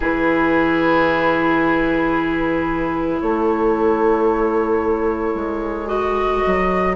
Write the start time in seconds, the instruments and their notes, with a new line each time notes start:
0.00 bassoon E3, clarinet E4, oboe G#4, flute B4
3.20 bassoon A3, oboe A4, flute C#5
5.34 bassoon G#3
5.86 clarinet F#4, flute D#5
6.46 bassoon F#3